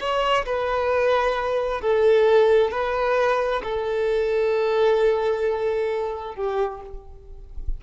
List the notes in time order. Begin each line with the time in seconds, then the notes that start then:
0.00 C#5
0.45 B4
1.81 A4
2.71 B4
3.63 A4
6.35 G4